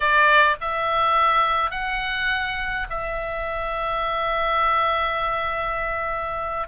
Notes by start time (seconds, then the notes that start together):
0.00 D5
0.60 E5
1.71 F#5
2.89 E5